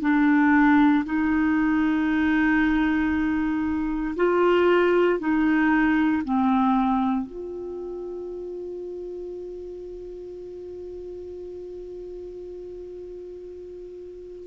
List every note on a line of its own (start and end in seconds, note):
0.00 1.03 D4
1.04 4.15 D#4
4.16 5.19 F4
5.19 6.22 D#4
6.24 7.26 C4
7.26 14.47 F4